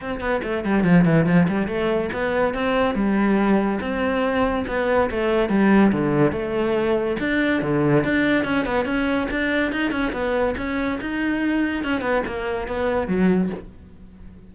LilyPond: \new Staff \with { instrumentName = "cello" } { \time 4/4 \tempo 4 = 142 c'8 b8 a8 g8 f8 e8 f8 g8 | a4 b4 c'4 g4~ | g4 c'2 b4 | a4 g4 d4 a4~ |
a4 d'4 d4 d'4 | cis'8 b8 cis'4 d'4 dis'8 cis'8 | b4 cis'4 dis'2 | cis'8 b8 ais4 b4 fis4 | }